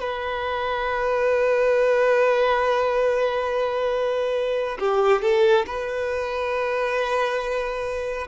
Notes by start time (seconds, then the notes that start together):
0.00 B4
4.79 G4
5.22 A4
5.66 B4